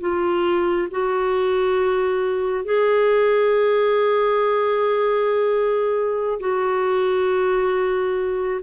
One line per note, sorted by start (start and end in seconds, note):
0.00 0.88 F4
0.91 2.64 F#4
2.64 6.39 G#4
6.40 8.60 F#4